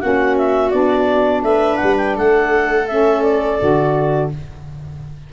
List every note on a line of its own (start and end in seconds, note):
0.00 0.73 A#3
0.00 0.70 C#4
0.00 1.44 F#4
0.00 0.36 F#5
0.37 0.70 E5
0.70 1.43 B3
0.70 2.84 D4
0.70 1.41 D5
1.43 1.78 A3
1.43 2.16 B4
1.43 1.76 E5
1.76 2.17 G3
1.76 1.94 F#5
1.97 2.15 G5
2.16 3.60 A3
2.16 4.30 A4
2.16 2.87 F#5
2.87 3.59 C#4
2.87 3.22 E5
3.22 4.29 D5
3.59 4.32 D3
3.59 4.31 F#4